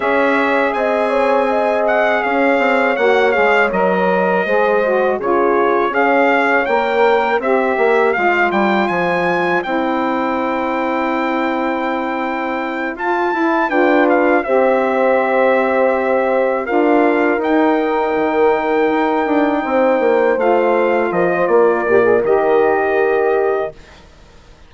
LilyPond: <<
  \new Staff \with { instrumentName = "trumpet" } { \time 4/4 \tempo 4 = 81 e''4 gis''4. fis''8 f''4 | fis''8 f''8 dis''2 cis''4 | f''4 g''4 e''4 f''8 g''8 | gis''4 g''2.~ |
g''4. a''4 g''8 f''8 e''8~ | e''2~ e''8 f''4 g''8~ | g''2.~ g''8 f''8~ | f''8 dis''8 d''4 dis''2 | }
  \new Staff \with { instrumentName = "horn" } { \time 4/4 cis''4 dis''8 cis''8 dis''4 cis''4~ | cis''2 c''4 gis'4 | cis''2 c''2~ | c''1~ |
c''2~ c''8 b'4 c''8~ | c''2~ c''8 ais'4.~ | ais'2~ ais'8 c''4.~ | c''8 ais'16 c''16 ais'2. | }
  \new Staff \with { instrumentName = "saxophone" } { \time 4/4 gis'1 | fis'8 gis'8 ais'4 gis'8 fis'8 f'4 | gis'4 ais'4 g'4 f'4~ | f'4 e'2.~ |
e'4. f'8 e'8 f'4 g'8~ | g'2~ g'8 f'4 dis'8~ | dis'2.~ dis'8 f'8~ | f'4. g'16 gis'16 g'2 | }
  \new Staff \with { instrumentName = "bassoon" } { \time 4/4 cis'4 c'2 cis'8 c'8 | ais8 gis8 fis4 gis4 cis4 | cis'4 ais4 c'8 ais8 gis8 g8 | f4 c'2.~ |
c'4. f'8 e'8 d'4 c'8~ | c'2~ c'8 d'4 dis'8~ | dis'8 dis4 dis'8 d'8 c'8 ais8 a8~ | a8 f8 ais8 ais,8 dis2 | }
>>